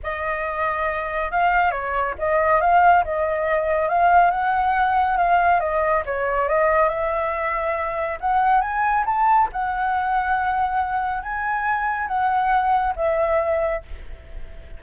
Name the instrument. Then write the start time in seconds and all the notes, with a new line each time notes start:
flute
0.03 D#5
1.31 F5
1.71 C#5
2.18 D#5
2.61 F5
3.04 D#5
3.88 F5
4.30 F#5
5.17 F5
5.60 D#5
6.05 C#5
6.48 D#5
6.88 E5
8.20 F#5
8.61 G#5
9.05 A5
9.52 F#5
11.22 G#5
12.07 F#5
12.96 E5